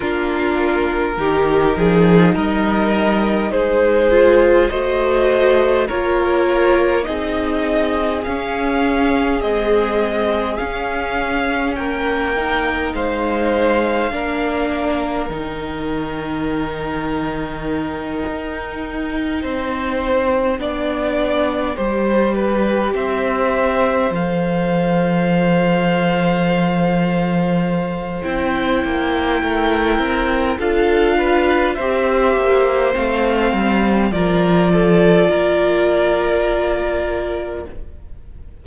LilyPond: <<
  \new Staff \with { instrumentName = "violin" } { \time 4/4 \tempo 4 = 51 ais'2 dis''4 c''4 | dis''4 cis''4 dis''4 f''4 | dis''4 f''4 g''4 f''4~ | f''4 g''2.~ |
g''2.~ g''8 e''8~ | e''8 f''2.~ f''8 | g''2 f''4 e''4 | f''4 d''2. | }
  \new Staff \with { instrumentName = "violin" } { \time 4/4 f'4 g'8 gis'8 ais'4 gis'4 | c''4 ais'4 gis'2~ | gis'2 ais'4 c''4 | ais'1~ |
ais'8 c''4 d''4 c''8 b'8 c''8~ | c''1~ | c''4 ais'4 a'8 b'8 c''4~ | c''4 ais'8 a'8 ais'2 | }
  \new Staff \with { instrumentName = "viola" } { \time 4/4 d'4 dis'2~ dis'8 f'8 | fis'4 f'4 dis'4 cis'4 | gis4 cis'4. dis'4. | d'4 dis'2.~ |
dis'4. d'4 g'4.~ | g'8 a'2.~ a'8 | e'2 f'4 g'4 | c'4 f'2. | }
  \new Staff \with { instrumentName = "cello" } { \time 4/4 ais4 dis8 f8 g4 gis4 | a4 ais4 c'4 cis'4 | c'4 cis'4 ais4 gis4 | ais4 dis2~ dis8 dis'8~ |
dis'8 c'4 b4 g4 c'8~ | c'8 f2.~ f8 | c'8 ais8 a8 c'8 d'4 c'8 ais8 | a8 g8 f4 ais2 | }
>>